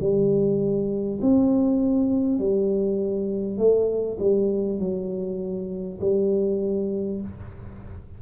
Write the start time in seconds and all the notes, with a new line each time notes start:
0.00 G3
1.22 C4
2.39 G3
3.58 A3
4.20 G3
4.79 F#3
6.01 G3